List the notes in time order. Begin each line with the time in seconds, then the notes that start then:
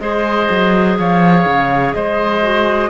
0.00 G#3 G#4 C5 D#5
0.50 F#3
0.99 F3 C#5 F5
1.45 C#3
1.94 G#3 C5 D#5
2.42 F#4